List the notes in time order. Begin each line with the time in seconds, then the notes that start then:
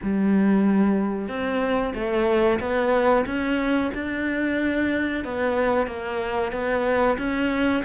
0.02 G3
1.28 C4
1.94 A3
2.60 B3
3.26 C#4
3.94 D4
5.24 B3
5.86 A#3
6.52 B3
7.18 C#4